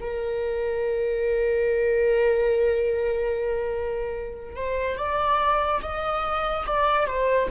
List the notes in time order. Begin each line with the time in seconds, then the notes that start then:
0.00 A#4
4.55 C5
4.97 D5
5.82 D#5
6.66 D5
7.06 C5